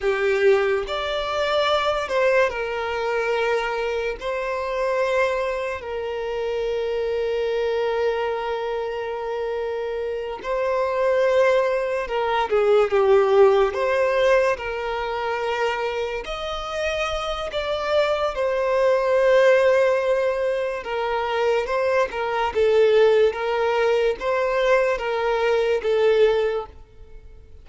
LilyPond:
\new Staff \with { instrumentName = "violin" } { \time 4/4 \tempo 4 = 72 g'4 d''4. c''8 ais'4~ | ais'4 c''2 ais'4~ | ais'1~ | ais'8 c''2 ais'8 gis'8 g'8~ |
g'8 c''4 ais'2 dis''8~ | dis''4 d''4 c''2~ | c''4 ais'4 c''8 ais'8 a'4 | ais'4 c''4 ais'4 a'4 | }